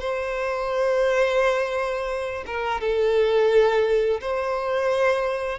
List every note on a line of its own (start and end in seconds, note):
0.00 2.44 C5
2.46 2.81 A#4
2.81 4.20 A4
4.21 5.59 C5